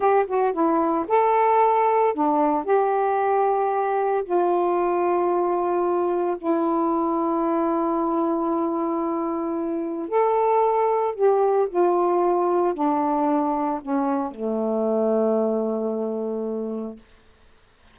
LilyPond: \new Staff \with { instrumentName = "saxophone" } { \time 4/4 \tempo 4 = 113 g'8 fis'8 e'4 a'2 | d'4 g'2. | f'1 | e'1~ |
e'2. a'4~ | a'4 g'4 f'2 | d'2 cis'4 a4~ | a1 | }